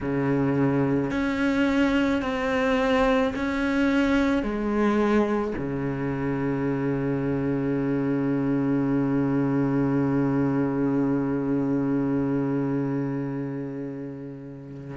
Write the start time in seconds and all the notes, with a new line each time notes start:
0.00 C#3
1.11 C#4
2.22 C4
3.35 C#4
4.42 G#3
5.57 C#3